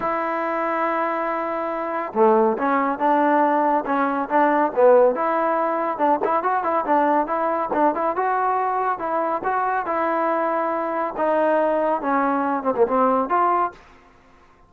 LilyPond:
\new Staff \with { instrumentName = "trombone" } { \time 4/4 \tempo 4 = 140 e'1~ | e'4 a4 cis'4 d'4~ | d'4 cis'4 d'4 b4 | e'2 d'8 e'8 fis'8 e'8 |
d'4 e'4 d'8 e'8 fis'4~ | fis'4 e'4 fis'4 e'4~ | e'2 dis'2 | cis'4. c'16 ais16 c'4 f'4 | }